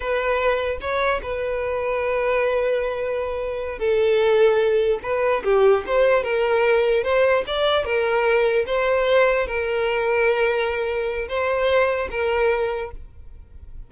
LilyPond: \new Staff \with { instrumentName = "violin" } { \time 4/4 \tempo 4 = 149 b'2 cis''4 b'4~ | b'1~ | b'4. a'2~ a'8~ | a'8 b'4 g'4 c''4 ais'8~ |
ais'4. c''4 d''4 ais'8~ | ais'4. c''2 ais'8~ | ais'1 | c''2 ais'2 | }